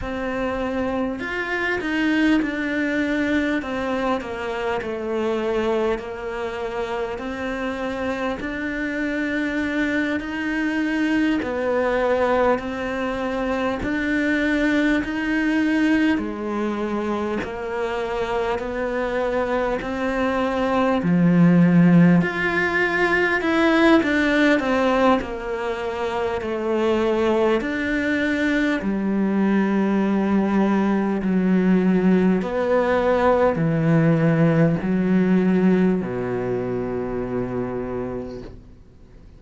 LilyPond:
\new Staff \with { instrumentName = "cello" } { \time 4/4 \tempo 4 = 50 c'4 f'8 dis'8 d'4 c'8 ais8 | a4 ais4 c'4 d'4~ | d'8 dis'4 b4 c'4 d'8~ | d'8 dis'4 gis4 ais4 b8~ |
b8 c'4 f4 f'4 e'8 | d'8 c'8 ais4 a4 d'4 | g2 fis4 b4 | e4 fis4 b,2 | }